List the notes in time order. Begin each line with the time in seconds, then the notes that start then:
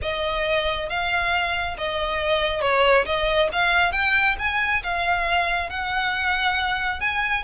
0.01 D#5
0.89 F5
1.77 D#5
2.61 C#5
3.05 D#5
3.52 F5
3.92 G5
4.39 G#5
4.83 F5
5.69 F#5
7.00 G#5